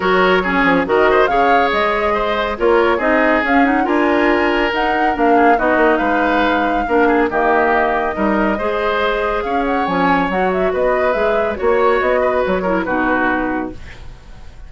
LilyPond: <<
  \new Staff \with { instrumentName = "flute" } { \time 4/4 \tempo 4 = 140 cis''2 dis''4 f''4 | dis''2 cis''4 dis''4 | f''8 fis''8 gis''2 fis''4 | f''4 dis''4 f''2~ |
f''4 dis''2.~ | dis''2 f''8 fis''8 gis''4 | fis''8 e''8 dis''4 e''4 cis''4 | dis''4 cis''4 b'2 | }
  \new Staff \with { instrumentName = "oboe" } { \time 4/4 ais'4 gis'4 ais'8 c''8 cis''4~ | cis''4 c''4 ais'4 gis'4~ | gis'4 ais'2.~ | ais'8 gis'8 fis'4 b'2 |
ais'8 gis'8 g'2 ais'4 | c''2 cis''2~ | cis''4 b'2 cis''4~ | cis''8 b'4 ais'8 fis'2 | }
  \new Staff \with { instrumentName = "clarinet" } { \time 4/4 fis'4 cis'4 fis'4 gis'4~ | gis'2 f'4 dis'4 | cis'8 dis'8 f'2 dis'4 | d'4 dis'2. |
d'4 ais2 dis'4 | gis'2. cis'4 | fis'2 gis'4 fis'4~ | fis'4. e'8 dis'2 | }
  \new Staff \with { instrumentName = "bassoon" } { \time 4/4 fis4. f8 dis4 cis4 | gis2 ais4 c'4 | cis'4 d'2 dis'4 | ais4 b8 ais8 gis2 |
ais4 dis2 g4 | gis2 cis'4 f4 | fis4 b4 gis4 ais4 | b4 fis4 b,2 | }
>>